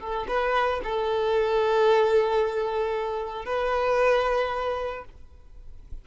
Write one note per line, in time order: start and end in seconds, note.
0.00 0.27 A4
0.28 0.81 B4
0.84 3.45 A4
3.45 5.05 B4